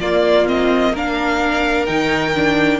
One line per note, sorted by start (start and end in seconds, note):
0.00 1.88 A#3
0.00 0.47 A#3
0.00 0.92 F4
0.00 0.47 D5
0.47 0.94 C4
0.47 0.96 D#5
0.92 1.87 D4
0.92 2.79 A#4
0.92 1.86 F5
1.86 2.80 D#3
1.86 2.34 D#4
1.86 2.80 G5
2.35 2.80 D4